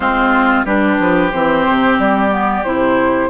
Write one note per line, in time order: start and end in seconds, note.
0.00 0.65 G#3
0.00 0.66 C4
0.00 0.65 F4
0.00 0.65 C5
0.65 0.98 G3
0.65 1.31 D4
0.65 3.29 G4
0.65 1.31 B4
0.98 1.31 F3
1.31 1.66 E3
1.31 2.30 C4
1.31 1.97 C5
1.69 1.98 C3
1.98 2.64 G3
1.98 2.64 D5
2.30 2.63 B3
2.64 3.29 C3
2.64 3.29 E4
2.64 3.29 C5